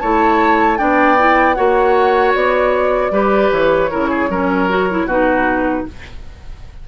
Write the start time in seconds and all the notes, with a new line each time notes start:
0.00 A3 E4 C#5 A5
0.77 B3 D4 D5 G5
1.18 E4
1.54 A#3 F#4 C#5 F#5
2.35 B3 D5
3.11 G3 G4 B4
3.51 E3 C#5
3.91 C#3 E4 A#4
4.10 G#4
4.29 F#3 C#4 A#4
4.69 F#4
4.90 E4
5.05 B2 D#4 F#4 B4